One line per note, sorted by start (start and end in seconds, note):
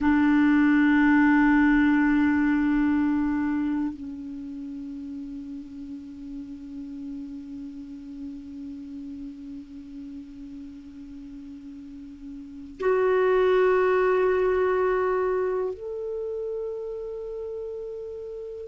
0.00 3.93 D4
3.93 12.78 C#4
12.79 15.74 F#4
15.74 18.67 A4